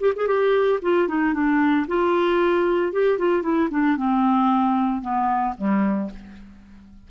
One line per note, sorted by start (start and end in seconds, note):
0.00 0.13 G4
0.16 0.27 G#4
0.27 0.79 G4
0.82 1.08 F4
1.08 1.33 D#4
1.33 1.86 D4
1.87 2.92 F4
2.92 3.18 G4
3.18 3.42 F4
3.42 3.68 E4
3.70 3.96 D4
3.97 5.01 C4
5.01 5.54 B3
5.58 6.10 G3